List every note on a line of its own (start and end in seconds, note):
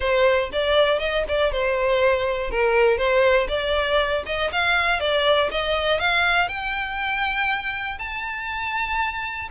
0.00 0.50 C5
0.52 0.99 D5
0.99 1.24 D#5
1.28 1.52 D5
1.52 2.50 C5
2.50 2.97 A#4
2.97 3.47 C5
3.48 4.23 D5
4.25 4.50 D#5
4.52 5.00 F5
5.00 5.50 D5
5.51 5.99 D#5
5.99 6.48 F5
6.48 7.98 G5
7.99 9.49 A5